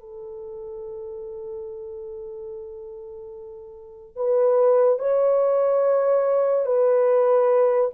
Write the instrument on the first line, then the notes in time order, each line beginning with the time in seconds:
horn
0.00 A4
4.17 B4
4.99 C#5
6.66 B4